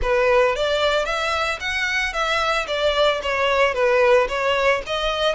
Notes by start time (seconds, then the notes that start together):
0.02 B4
0.55 D5
1.05 E5
1.59 F#5
2.13 E5
2.67 D5
3.22 C#5
3.74 B4
4.28 C#5
4.86 D#5